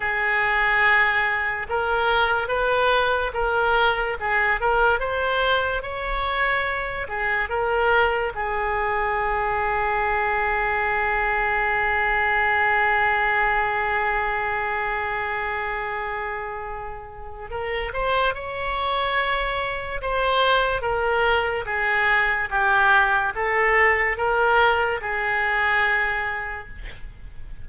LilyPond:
\new Staff \with { instrumentName = "oboe" } { \time 4/4 \tempo 4 = 72 gis'2 ais'4 b'4 | ais'4 gis'8 ais'8 c''4 cis''4~ | cis''8 gis'8 ais'4 gis'2~ | gis'1~ |
gis'1~ | gis'4 ais'8 c''8 cis''2 | c''4 ais'4 gis'4 g'4 | a'4 ais'4 gis'2 | }